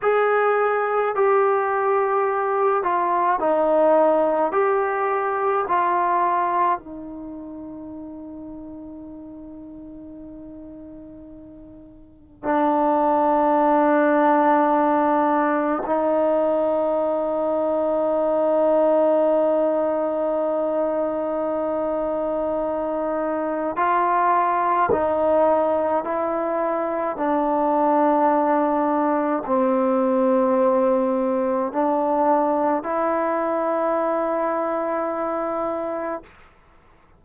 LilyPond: \new Staff \with { instrumentName = "trombone" } { \time 4/4 \tempo 4 = 53 gis'4 g'4. f'8 dis'4 | g'4 f'4 dis'2~ | dis'2. d'4~ | d'2 dis'2~ |
dis'1~ | dis'4 f'4 dis'4 e'4 | d'2 c'2 | d'4 e'2. | }